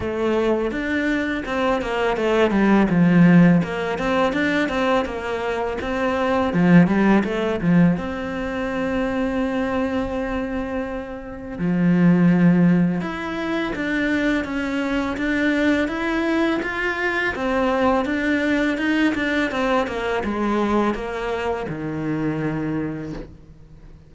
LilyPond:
\new Staff \with { instrumentName = "cello" } { \time 4/4 \tempo 4 = 83 a4 d'4 c'8 ais8 a8 g8 | f4 ais8 c'8 d'8 c'8 ais4 | c'4 f8 g8 a8 f8 c'4~ | c'1 |
f2 e'4 d'4 | cis'4 d'4 e'4 f'4 | c'4 d'4 dis'8 d'8 c'8 ais8 | gis4 ais4 dis2 | }